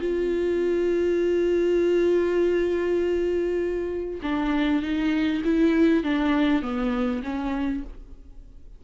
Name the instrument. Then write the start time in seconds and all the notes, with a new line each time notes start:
viola
0.00 F4
4.22 D4
4.82 D#4
5.44 E4
6.03 D4
6.62 B3
7.23 C#4